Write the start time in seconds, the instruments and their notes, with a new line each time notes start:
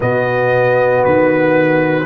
0.00 tuba B2, trombone B3, horn F#4, trumpet D#5
1.04 tuba D#3, trumpet B4